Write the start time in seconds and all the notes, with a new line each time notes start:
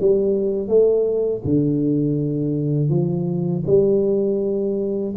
0.00 G3
0.68 A3
1.44 D3
2.89 F3
3.66 G3